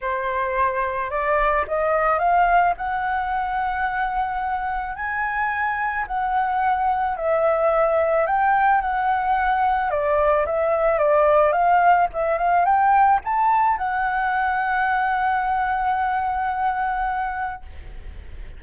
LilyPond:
\new Staff \with { instrumentName = "flute" } { \time 4/4 \tempo 4 = 109 c''2 d''4 dis''4 | f''4 fis''2.~ | fis''4 gis''2 fis''4~ | fis''4 e''2 g''4 |
fis''2 d''4 e''4 | d''4 f''4 e''8 f''8 g''4 | a''4 fis''2.~ | fis''1 | }